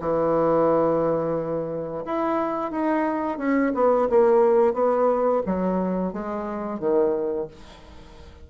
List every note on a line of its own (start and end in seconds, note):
0.00 2.05 E3
2.05 2.71 E4
2.71 3.38 D#4
3.38 3.72 C#4
3.74 4.08 B3
4.09 4.74 A#3
4.74 5.42 B3
5.46 6.13 F#3
6.13 6.79 G#3
6.79 7.48 D#3